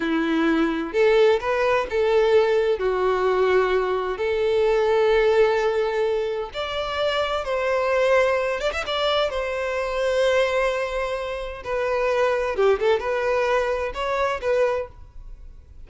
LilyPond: \new Staff \with { instrumentName = "violin" } { \time 4/4 \tempo 4 = 129 e'2 a'4 b'4 | a'2 fis'2~ | fis'4 a'2.~ | a'2 d''2 |
c''2~ c''8 d''16 e''16 d''4 | c''1~ | c''4 b'2 g'8 a'8 | b'2 cis''4 b'4 | }